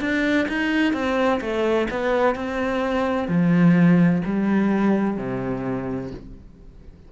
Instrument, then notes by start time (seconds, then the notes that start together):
cello
0.00 D4
0.48 D#4
0.93 C4
1.41 A3
1.90 B3
2.35 C4
3.28 F3
4.25 G3
5.17 C3